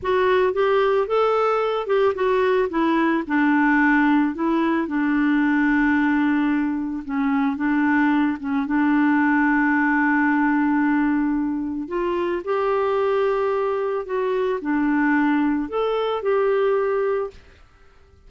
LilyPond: \new Staff \with { instrumentName = "clarinet" } { \time 4/4 \tempo 4 = 111 fis'4 g'4 a'4. g'8 | fis'4 e'4 d'2 | e'4 d'2.~ | d'4 cis'4 d'4. cis'8 |
d'1~ | d'2 f'4 g'4~ | g'2 fis'4 d'4~ | d'4 a'4 g'2 | }